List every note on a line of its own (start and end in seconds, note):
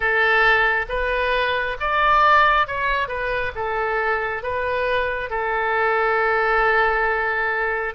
0.00 0.85 A4
0.88 1.76 B4
1.80 2.67 D5
2.67 3.08 C#5
3.08 3.52 B4
3.55 4.42 A4
4.42 5.30 B4
5.30 7.94 A4